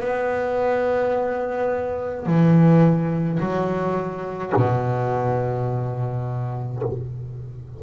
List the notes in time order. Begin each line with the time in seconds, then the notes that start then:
0.00 B3
2.25 E3
3.40 F#3
4.56 B2